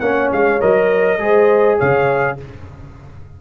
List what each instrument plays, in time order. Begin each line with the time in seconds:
0.00 tuba A#3, trombone C#4, horn C#5, trumpet F#5
0.32 tuba G#3, trumpet F5
0.61 tuba F#3, trombone A#4, trumpet D#5
1.19 tuba G#3, trombone G#4, horn C5
1.78 tuba C#3, horn C#5, trumpet F5